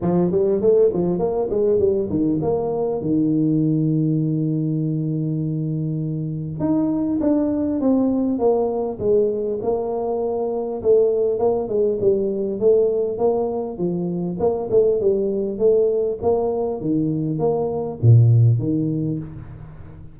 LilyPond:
\new Staff \with { instrumentName = "tuba" } { \time 4/4 \tempo 4 = 100 f8 g8 a8 f8 ais8 gis8 g8 dis8 | ais4 dis2.~ | dis2. dis'4 | d'4 c'4 ais4 gis4 |
ais2 a4 ais8 gis8 | g4 a4 ais4 f4 | ais8 a8 g4 a4 ais4 | dis4 ais4 ais,4 dis4 | }